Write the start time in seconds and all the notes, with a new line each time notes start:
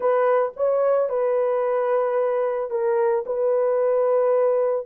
0.00 B4
0.56 C#5
1.09 B4
2.70 A#4
3.26 B4